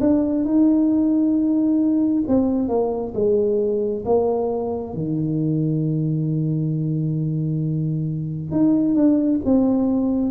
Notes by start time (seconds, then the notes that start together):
0.00 D4
0.44 D#4
2.27 C4
2.68 A#3
3.14 G#3
4.05 A#3
4.93 D#3
8.51 D#4
8.94 D4
9.44 C4